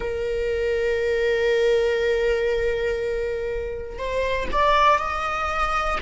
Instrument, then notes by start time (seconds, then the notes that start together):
viola
0.00 A#4
3.98 C5
4.51 D5
4.98 D#5